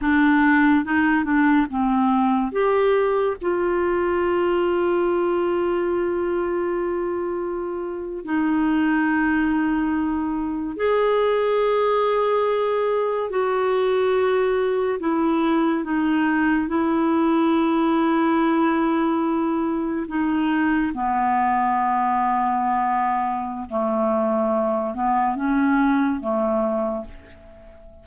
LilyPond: \new Staff \with { instrumentName = "clarinet" } { \time 4/4 \tempo 4 = 71 d'4 dis'8 d'8 c'4 g'4 | f'1~ | f'4.~ f'16 dis'2~ dis'16~ | dis'8. gis'2. fis'16~ |
fis'4.~ fis'16 e'4 dis'4 e'16~ | e'2.~ e'8. dis'16~ | dis'8. b2.~ b16 | a4. b8 cis'4 a4 | }